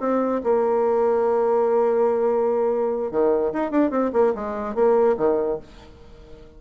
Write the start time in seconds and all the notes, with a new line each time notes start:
0.00 C4
0.43 A#3
3.11 D#3
3.53 D#4
3.71 D4
3.90 C4
4.13 A#3
4.35 G#3
4.75 A#3
5.17 D#3